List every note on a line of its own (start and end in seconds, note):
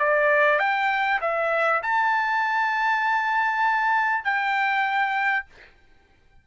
0.00 0.60 D5
0.60 1.20 G5
1.21 1.82 E5
1.83 4.25 A5
4.25 5.46 G5